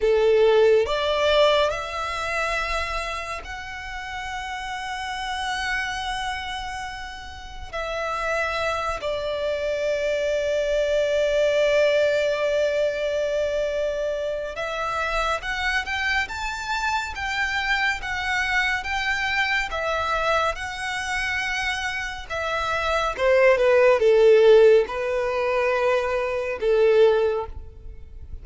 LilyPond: \new Staff \with { instrumentName = "violin" } { \time 4/4 \tempo 4 = 70 a'4 d''4 e''2 | fis''1~ | fis''4 e''4. d''4.~ | d''1~ |
d''4 e''4 fis''8 g''8 a''4 | g''4 fis''4 g''4 e''4 | fis''2 e''4 c''8 b'8 | a'4 b'2 a'4 | }